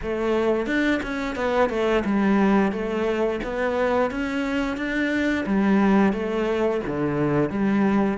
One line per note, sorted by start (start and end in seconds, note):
0.02 0.66 A3
0.66 1.00 D4
1.02 1.35 C#4
1.35 1.69 B3
1.69 2.03 A3
2.04 2.71 G3
2.71 3.40 A3
3.43 4.11 B3
4.11 4.76 C#4
4.76 5.45 D4
5.45 6.12 G3
6.12 6.80 A3
6.86 7.50 D3
7.50 8.18 G3